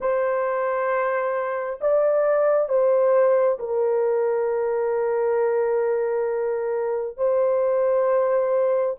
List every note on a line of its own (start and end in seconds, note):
0.00 1.80 C5
1.80 2.68 D5
2.68 3.58 C5
3.59 7.17 A#4
7.17 8.96 C5